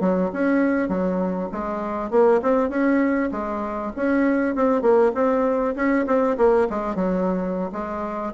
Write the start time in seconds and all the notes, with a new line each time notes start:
0.00 F#3
0.33 C#4
0.88 F#3
1.52 G#3
2.10 A#3
2.42 C4
2.69 C#4
3.31 G#3
3.96 C#4
4.55 C4
4.82 A#3
5.14 C4
5.75 C#4
6.06 C4
6.37 A#3
6.69 G#3
6.95 F#3
7.72 G#3